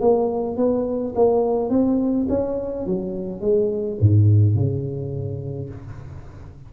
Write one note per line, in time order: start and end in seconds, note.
0.00 0.57 A#3
0.57 1.14 B3
1.15 1.69 A#3
1.69 2.26 C4
2.29 2.85 C#4
2.85 3.41 F#3
3.41 3.98 G#3
4.00 4.55 G#2
4.55 5.69 C#3